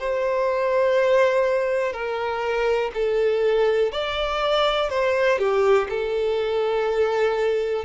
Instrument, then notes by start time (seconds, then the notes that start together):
violin
0.00 C5
1.93 A#4
2.94 A4
3.92 D5
4.90 C5
5.38 G4
5.89 A4